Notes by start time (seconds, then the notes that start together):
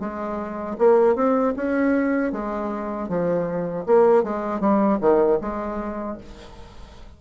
0.00 G#3
0.79 A#3
1.16 C4
1.56 C#4
2.33 G#3
3.09 F3
3.86 A#3
4.23 G#3
4.60 G3
5.01 D#3
5.41 G#3